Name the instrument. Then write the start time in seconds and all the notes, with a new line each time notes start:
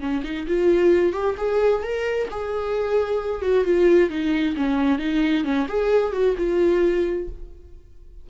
viola
0.00 C#4
0.24 D#4
0.47 F4
1.13 G4
1.37 G#4
1.83 A#4
2.31 G#4
3.42 F#4
3.64 F4
4.10 D#4
4.56 C#4
4.99 D#4
5.44 C#4
5.68 G#4
6.13 F#4
6.37 F4